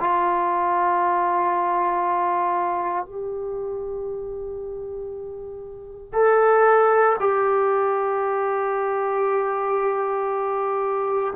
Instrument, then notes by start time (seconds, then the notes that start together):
trombone
0.00 F4
3.05 G4
6.13 A4
7.19 G4